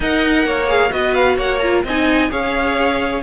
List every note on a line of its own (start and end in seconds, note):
0.00 0.44 D#4
0.00 0.68 A#4
0.00 0.44 D#5
0.00 0.69 F#5
0.44 0.91 A#3
0.44 0.92 C#5
0.68 0.89 G#4
0.68 0.91 F5
0.89 1.37 B3
0.89 1.58 F#4
0.89 1.36 B4
0.89 1.14 D#5
1.14 1.37 F5
1.36 1.83 A#3
1.36 1.82 C#5
1.36 1.58 F#5
1.58 1.85 F4
1.58 1.81 A#5
1.84 2.30 C4
1.84 2.29 D#4
1.84 2.30 D#5
1.84 2.31 G#5
2.29 3.23 C#4
2.29 3.21 G#4
2.29 3.23 C#5
2.29 3.23 F5